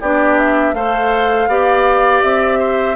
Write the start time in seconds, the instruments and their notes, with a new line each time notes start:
0.00 bassoon B3, clarinet D4, oboe G4, flute D5
0.38 flute E5
0.73 bassoon A3, clarinet A4, oboe C5, flute F5
1.47 bassoon B3, clarinet G4, oboe D5
2.22 bassoon C4, flute E5
2.59 oboe C5